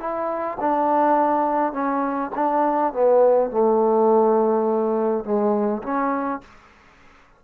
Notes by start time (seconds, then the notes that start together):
0.00 E4
0.60 D4
1.73 C#4
2.35 D4
2.93 B3
3.51 A3
5.24 G#3
5.83 C#4